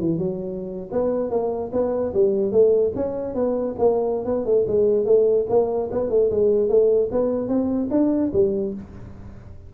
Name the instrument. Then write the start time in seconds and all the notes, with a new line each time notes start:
tuba
0.00 E3
0.19 F#3
0.92 B3
1.31 A#3
1.73 B3
2.14 G3
2.52 A3
2.96 C#4
3.35 B3
3.79 A#3
4.25 B3
4.46 A3
4.68 G#3
5.06 A3
5.50 A#3
5.92 B3
6.10 A3
6.31 G#3
6.69 A3
7.12 B3
7.49 C4
7.91 D4
8.34 G3